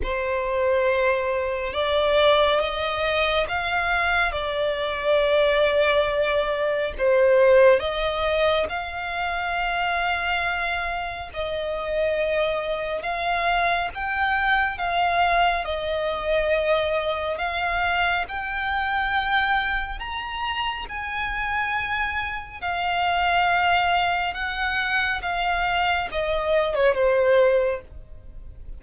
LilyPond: \new Staff \with { instrumentName = "violin" } { \time 4/4 \tempo 4 = 69 c''2 d''4 dis''4 | f''4 d''2. | c''4 dis''4 f''2~ | f''4 dis''2 f''4 |
g''4 f''4 dis''2 | f''4 g''2 ais''4 | gis''2 f''2 | fis''4 f''4 dis''8. cis''16 c''4 | }